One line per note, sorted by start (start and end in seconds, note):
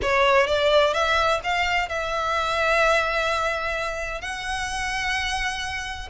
0.02 0.46 C#5
0.46 0.93 D5
0.93 1.40 E5
1.43 1.88 F5
1.88 4.21 E5
4.21 6.08 F#5